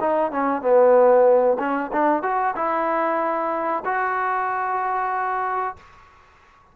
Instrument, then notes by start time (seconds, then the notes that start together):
trombone
0.00 D#4
0.31 C#4
0.62 B3
1.59 C#4
1.92 D4
2.23 F#4
2.55 E4
3.84 F#4